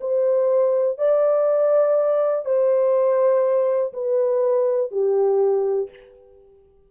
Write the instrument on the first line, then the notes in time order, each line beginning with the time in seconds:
horn
0.00 C5
0.98 D5
2.45 C5
3.93 B4
4.91 G4